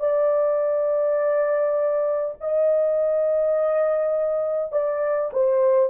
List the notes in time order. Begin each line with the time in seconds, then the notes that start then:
0.00 D5
2.41 D#5
4.72 D5
5.33 C5